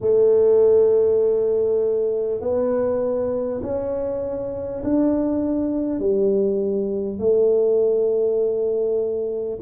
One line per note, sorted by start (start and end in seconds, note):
0.01 2.40 A3
2.40 3.60 B3
3.62 4.82 C#4
4.83 5.99 D4
5.99 7.18 G3
7.18 9.58 A3